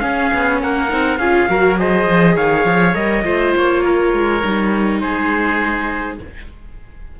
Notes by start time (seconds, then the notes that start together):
0.00 C#4 G#4 F5
0.34 B3
0.62 A#3 A#4 F#5
0.89 C4 D#4
1.18 C#4 F4 G#4 F5
1.49 F#3 F#4 A#4
1.78 G#4 C5 D#5
2.07 F3
2.35 D#3 C#5 F5
2.65 F3
2.94 G3 A#4 D#5
3.24 A3 F4 C5
3.56 A#3 C#5
3.84 A#4
4.14 G#3
4.44 G3 D#4
5.00 G#3 G#4 C5